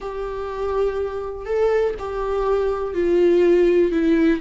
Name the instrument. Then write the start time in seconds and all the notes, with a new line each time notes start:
viola
0.00 G4
1.45 A4
1.98 G4
2.94 F4
3.91 E4